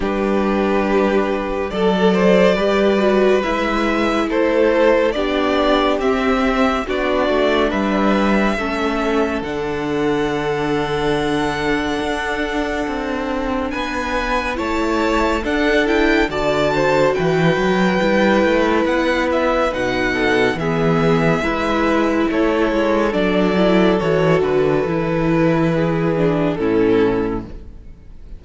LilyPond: <<
  \new Staff \with { instrumentName = "violin" } { \time 4/4 \tempo 4 = 70 b'2 d''2 | e''4 c''4 d''4 e''4 | d''4 e''2 fis''4~ | fis''1 |
gis''4 a''4 fis''8 g''8 a''4 | g''2 fis''8 e''8 fis''4 | e''2 cis''4 d''4 | cis''8 b'2~ b'8 a'4 | }
  \new Staff \with { instrumentName = "violin" } { \time 4/4 g'2 a'8 c''8 b'4~ | b'4 a'4 g'2 | fis'4 b'4 a'2~ | a'1 |
b'4 cis''4 a'4 d''8 c''8 | b'2.~ b'8 a'8 | gis'4 b'4 a'2~ | a'2 gis'4 e'4 | }
  \new Staff \with { instrumentName = "viola" } { \time 4/4 d'2 a'4 g'8 fis'8 | e'2 d'4 c'4 | d'2 cis'4 d'4~ | d'1~ |
d'4 e'4 d'8 e'8 fis'4~ | fis'4 e'2 dis'4 | b4 e'2 d'8 e'8 | fis'4 e'4. d'8 cis'4 | }
  \new Staff \with { instrumentName = "cello" } { \time 4/4 g2 fis4 g4 | gis4 a4 b4 c'4 | b8 a8 g4 a4 d4~ | d2 d'4 c'4 |
b4 a4 d'4 d4 | e8 fis8 g8 a8 b4 b,4 | e4 gis4 a8 gis8 fis4 | e8 d8 e2 a,4 | }
>>